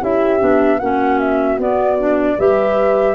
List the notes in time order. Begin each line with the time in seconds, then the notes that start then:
0.00 C#4 E4 G4 E5
0.40 B3 D4
0.79 A#3 C#4 F#4 F#5
1.20 E5
1.58 B3 D5
1.99 D4
2.38 G3 G4 B4 E5